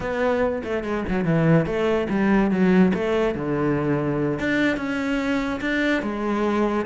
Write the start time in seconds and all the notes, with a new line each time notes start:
0.00 B3
0.63 A3
0.83 G#3
1.08 F#3
1.24 E3
1.66 A3
2.09 G3
2.50 F#3
2.94 A3
3.34 D3
4.39 D4
4.76 C#4
5.60 D4
6.02 G#3